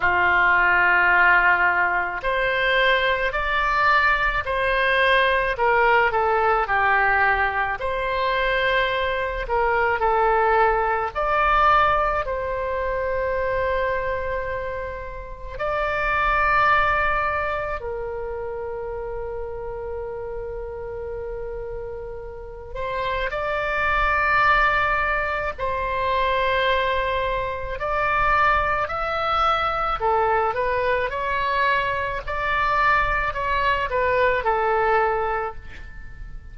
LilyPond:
\new Staff \with { instrumentName = "oboe" } { \time 4/4 \tempo 4 = 54 f'2 c''4 d''4 | c''4 ais'8 a'8 g'4 c''4~ | c''8 ais'8 a'4 d''4 c''4~ | c''2 d''2 |
ais'1~ | ais'8 c''8 d''2 c''4~ | c''4 d''4 e''4 a'8 b'8 | cis''4 d''4 cis''8 b'8 a'4 | }